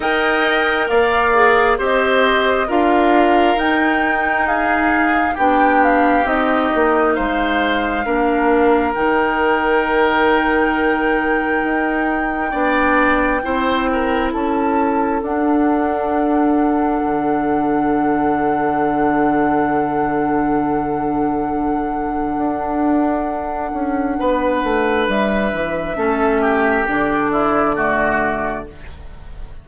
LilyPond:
<<
  \new Staff \with { instrumentName = "flute" } { \time 4/4 \tempo 4 = 67 g''4 f''4 dis''4 f''4 | g''4 f''4 g''8 f''8 dis''4 | f''2 g''2~ | g''1 |
a''4 fis''2.~ | fis''1~ | fis''1 | e''2 d''2 | }
  \new Staff \with { instrumentName = "oboe" } { \time 4/4 dis''4 d''4 c''4 ais'4~ | ais'4 gis'4 g'2 | c''4 ais'2.~ | ais'2 d''4 c''8 ais'8 |
a'1~ | a'1~ | a'2. b'4~ | b'4 a'8 g'4 e'8 fis'4 | }
  \new Staff \with { instrumentName = "clarinet" } { \time 4/4 ais'4. gis'8 g'4 f'4 | dis'2 d'4 dis'4~ | dis'4 d'4 dis'2~ | dis'2 d'4 e'4~ |
e'4 d'2.~ | d'1~ | d'1~ | d'4 cis'4 d'4 a4 | }
  \new Staff \with { instrumentName = "bassoon" } { \time 4/4 dis'4 ais4 c'4 d'4 | dis'2 b4 c'8 ais8 | gis4 ais4 dis2~ | dis4 dis'4 b4 c'4 |
cis'4 d'2 d4~ | d1~ | d4 d'4. cis'8 b8 a8 | g8 e8 a4 d2 | }
>>